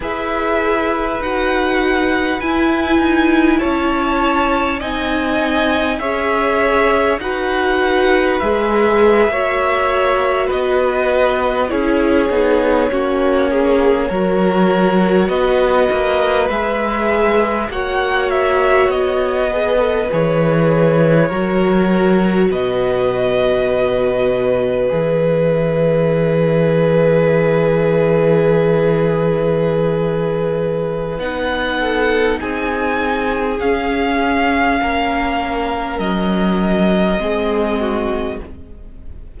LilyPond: <<
  \new Staff \with { instrumentName = "violin" } { \time 4/4 \tempo 4 = 50 e''4 fis''4 gis''4 a''4 | gis''4 e''4 fis''4 e''4~ | e''8. dis''4 cis''2~ cis''16~ | cis''8. dis''4 e''4 fis''8 e''8 dis''16~ |
dis''8. cis''2 dis''4~ dis''16~ | dis''8. e''2.~ e''16~ | e''2 fis''4 gis''4 | f''2 dis''2 | }
  \new Staff \with { instrumentName = "violin" } { \time 4/4 b'2. cis''4 | dis''4 cis''4 b'4.~ b'16 cis''16~ | cis''8. b'4 gis'4 fis'8 gis'8 ais'16~ | ais'8. b'2 cis''4~ cis''16~ |
cis''16 b'4. ais'4 b'4~ b'16~ | b'1~ | b'2~ b'8 a'8 gis'4~ | gis'4 ais'2 gis'8 fis'8 | }
  \new Staff \with { instrumentName = "viola" } { \time 4/4 gis'4 fis'4 e'2 | dis'4 gis'4 fis'4 gis'8. fis'16~ | fis'4.~ fis'16 e'8 dis'8 cis'4 fis'16~ | fis'4.~ fis'16 gis'4 fis'4~ fis'16~ |
fis'16 gis'16 a'16 gis'4 fis'2~ fis'16~ | fis'8. gis'2.~ gis'16~ | gis'2 dis'2 | cis'2. c'4 | }
  \new Staff \with { instrumentName = "cello" } { \time 4/4 e'4 dis'4 e'8 dis'8 cis'4 | c'4 cis'4 dis'4 gis8. ais16~ | ais8. b4 cis'8 b8 ais4 fis16~ | fis8. b8 ais8 gis4 ais4 b16~ |
b8. e4 fis4 b,4~ b,16~ | b,8. e2.~ e16~ | e2 b4 c'4 | cis'4 ais4 fis4 gis4 | }
>>